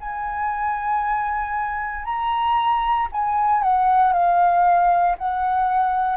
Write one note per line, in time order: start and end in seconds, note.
0.00 2.05 G#5
2.05 3.08 A#5
3.12 3.63 G#5
3.63 4.13 F#5
4.13 5.16 F5
5.18 6.16 F#5